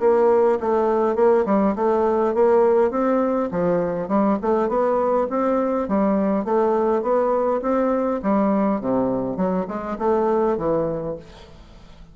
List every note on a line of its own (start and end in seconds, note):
0.00 0.59 A#3
0.60 1.16 A3
1.16 1.45 A#3
1.46 1.75 G3
1.76 2.34 A3
2.35 2.91 A#3
2.91 3.50 C4
3.51 4.09 F3
4.09 4.38 G3
4.42 4.69 A3
4.69 5.28 B3
5.30 5.89 C4
5.89 6.45 G3
6.45 7.03 A3
7.03 7.61 B3
7.62 8.21 C4
8.23 8.81 G3
8.81 9.37 C3
9.37 9.66 F#3
9.68 9.97 G#3
9.99 10.57 A3
10.57 11.16 E3